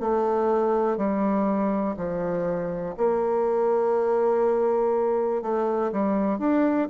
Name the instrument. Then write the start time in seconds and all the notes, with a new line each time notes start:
bassoon
0.00 A3
0.97 G3
1.97 F3
2.97 A#3
5.42 A3
5.92 G3
6.39 D4